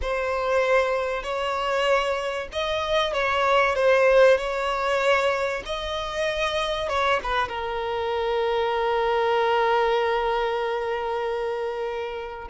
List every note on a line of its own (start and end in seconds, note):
0.01 1.23 C5
1.23 2.48 C#5
2.52 3.12 D#5
3.12 3.75 C#5
3.75 4.37 C5
4.37 5.62 C#5
5.65 6.88 D#5
6.88 7.20 C#5
7.23 7.48 B4
7.48 12.48 A#4